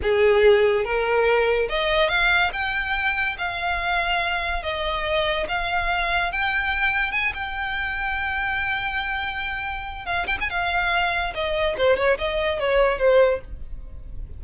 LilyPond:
\new Staff \with { instrumentName = "violin" } { \time 4/4 \tempo 4 = 143 gis'2 ais'2 | dis''4 f''4 g''2 | f''2. dis''4~ | dis''4 f''2 g''4~ |
g''4 gis''8 g''2~ g''8~ | g''1 | f''8 g''16 gis''16 f''2 dis''4 | c''8 cis''8 dis''4 cis''4 c''4 | }